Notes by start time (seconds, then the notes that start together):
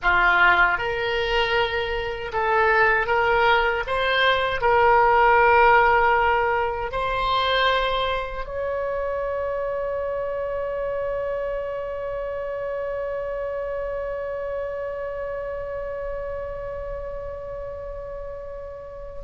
0.02 F4
0.78 A#4
2.32 A4
3.06 A#4
3.86 C5
4.61 A#4
6.91 C5
8.45 C#5